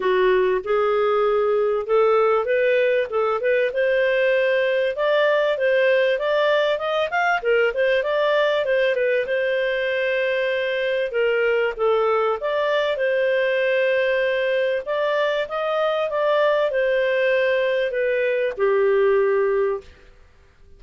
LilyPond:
\new Staff \with { instrumentName = "clarinet" } { \time 4/4 \tempo 4 = 97 fis'4 gis'2 a'4 | b'4 a'8 b'8 c''2 | d''4 c''4 d''4 dis''8 f''8 | ais'8 c''8 d''4 c''8 b'8 c''4~ |
c''2 ais'4 a'4 | d''4 c''2. | d''4 dis''4 d''4 c''4~ | c''4 b'4 g'2 | }